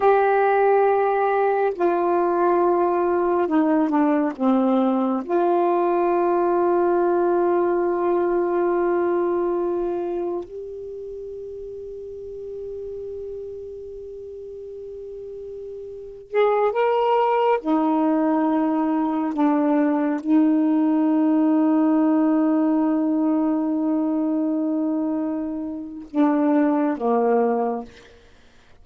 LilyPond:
\new Staff \with { instrumentName = "saxophone" } { \time 4/4 \tempo 4 = 69 g'2 f'2 | dis'8 d'8 c'4 f'2~ | f'1 | g'1~ |
g'2~ g'8. gis'8 ais'8.~ | ais'16 dis'2 d'4 dis'8.~ | dis'1~ | dis'2 d'4 ais4 | }